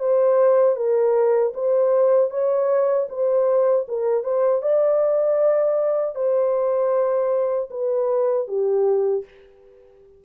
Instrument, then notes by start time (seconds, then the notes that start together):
horn
0.00 C5
0.76 A#4
1.54 C5
2.30 C#5
3.09 C5
3.88 A#4
4.24 C5
4.62 D5
6.15 C5
7.71 B4
8.48 G4